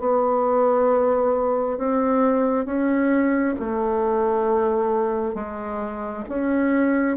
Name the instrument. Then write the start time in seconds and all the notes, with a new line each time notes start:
bassoon
0.00 B3
1.78 C4
2.66 C#4
3.60 A3
5.35 G#3
6.29 C#4